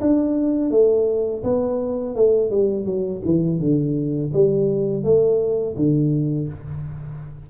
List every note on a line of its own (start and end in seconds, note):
0.00 0.70 D4
0.70 1.43 A3
1.43 2.15 B3
2.15 2.50 A3
2.50 2.85 G3
2.85 3.21 F#3
3.25 3.59 E3
3.59 4.32 D3
4.33 5.03 G3
5.03 5.76 A3
5.76 6.48 D3